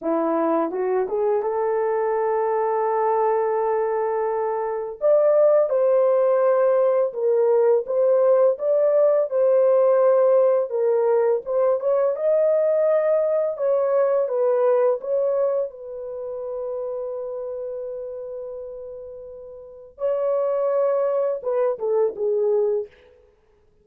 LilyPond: \new Staff \with { instrumentName = "horn" } { \time 4/4 \tempo 4 = 84 e'4 fis'8 gis'8 a'2~ | a'2. d''4 | c''2 ais'4 c''4 | d''4 c''2 ais'4 |
c''8 cis''8 dis''2 cis''4 | b'4 cis''4 b'2~ | b'1 | cis''2 b'8 a'8 gis'4 | }